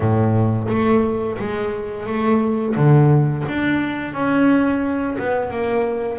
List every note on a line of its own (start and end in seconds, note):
0.00 0.67 A2
0.68 1.37 A3
1.38 2.06 G#3
2.06 2.75 A3
2.76 3.45 D3
3.47 4.13 D4
4.13 5.17 C#4
5.18 5.50 B3
5.50 6.18 A#3